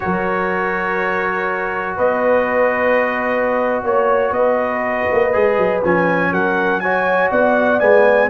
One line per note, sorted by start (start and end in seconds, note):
0.00 1.98 F#3
0.00 5.33 F#4
0.00 1.96 A#4
0.00 1.96 C#5
1.96 3.83 B3
1.96 3.82 B4
1.96 3.84 D#5
3.83 4.31 A#3
3.83 4.33 C#5
4.31 5.05 B3
4.31 6.32 B4
4.31 5.81 D#5
5.11 5.35 A#3
5.33 5.57 G#3
5.33 5.82 G#4
5.57 5.82 F#3
5.84 6.31 F3
5.84 6.83 C#4
5.84 6.33 G#5
6.31 7.30 F#3
6.31 6.81 A#4
6.31 6.80 F#5
6.80 7.80 F#4
6.80 7.31 C#5
6.80 7.29 G#5
7.31 7.81 B3
7.31 8.29 D5
7.31 7.79 F#5
7.79 8.29 G#3
7.79 8.29 B3
7.79 8.29 G#5